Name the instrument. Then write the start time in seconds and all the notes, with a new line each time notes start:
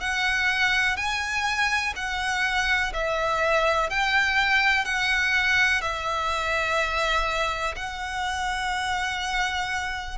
violin
0.00 F#5
0.96 G#5
1.95 F#5
2.93 E5
3.89 G5
4.84 F#5
5.81 E5
7.76 F#5